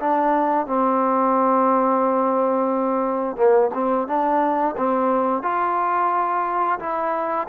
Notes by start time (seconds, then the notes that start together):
0.00 D4
0.67 C4
3.37 A#3
3.74 C4
4.08 D4
4.77 C4
5.43 F4
6.79 E4